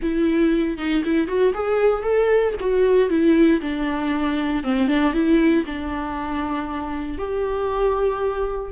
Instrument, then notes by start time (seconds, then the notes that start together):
viola
0.02 E4
0.77 D#4
1.04 E4
1.27 F#4
1.54 G#4
2.02 A4
2.60 F#4
3.09 E4
3.61 D4
4.63 C4
4.87 D4
5.13 E4
5.65 D4
7.17 G4